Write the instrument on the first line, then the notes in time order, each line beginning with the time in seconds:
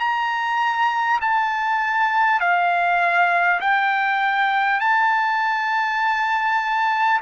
trumpet
0.00 A#5
1.21 A5
2.41 F5
3.61 G5
4.81 A5